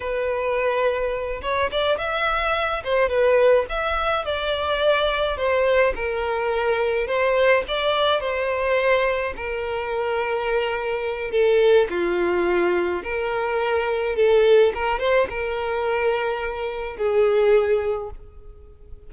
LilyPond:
\new Staff \with { instrumentName = "violin" } { \time 4/4 \tempo 4 = 106 b'2~ b'8 cis''8 d''8 e''8~ | e''4 c''8 b'4 e''4 d''8~ | d''4. c''4 ais'4.~ | ais'8 c''4 d''4 c''4.~ |
c''8 ais'2.~ ais'8 | a'4 f'2 ais'4~ | ais'4 a'4 ais'8 c''8 ais'4~ | ais'2 gis'2 | }